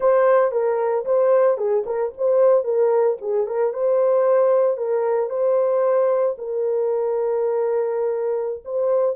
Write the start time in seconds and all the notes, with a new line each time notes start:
0.00 C5
0.51 A#4
1.05 C5
1.57 G#4
1.86 A#4
2.17 C5
2.64 A#4
3.21 G#4
3.46 A#4
3.73 C5
4.77 A#4
5.29 C5
6.38 A#4
8.64 C5